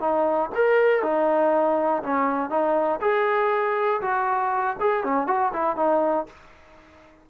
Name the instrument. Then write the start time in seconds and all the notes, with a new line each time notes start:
trombone
0.00 D#4
0.55 A#4
1.03 D#4
2.03 C#4
2.50 D#4
3.01 G#4
4.02 F#4
4.81 G#4
5.04 C#4
5.27 F#4
5.53 E4
5.77 D#4